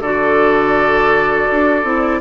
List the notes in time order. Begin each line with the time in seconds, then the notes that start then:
0.00 D3 F#4 A4 D5
1.51 D4
1.84 C4 E4